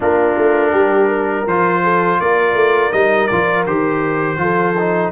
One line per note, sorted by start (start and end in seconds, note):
0.00 0.37 A#3
0.00 1.46 D4
0.00 0.70 F4
0.00 1.47 A#4
0.37 0.73 A3
0.70 1.46 G3
0.70 1.07 G4
1.07 1.80 A#4
1.46 2.19 F3
1.46 2.92 F4
1.46 2.20 C5
1.83 2.19 A4
2.20 2.54 A#3
2.20 4.41 A#4
2.20 2.92 D5
2.54 2.90 A3
2.92 3.30 G3
2.92 3.29 D#4
2.92 3.27 D#5
3.27 3.66 F3
3.27 3.66 F4
3.27 3.63 D5
3.66 4.37 D#3
3.66 4.37 G4
3.66 5.11 C5
4.37 5.10 F3
4.37 4.73 F4
4.37 5.11 A4
4.78 5.11 D#4